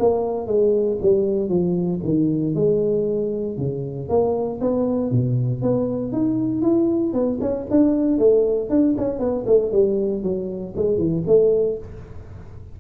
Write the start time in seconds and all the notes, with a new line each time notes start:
0.00 A#3
0.47 G#3
1.02 G3
1.49 F3
2.04 D#3
2.55 G#3
3.58 C#3
4.09 A#3
4.61 B3
5.12 B2
5.62 B3
6.13 D#4
6.62 E4
7.14 B3
7.41 C#4
7.71 D4
8.19 A3
8.70 D4
8.98 C#4
9.20 B3
9.47 A3
9.73 G3
10.23 F#3
10.76 G#3
10.98 E3
11.27 A3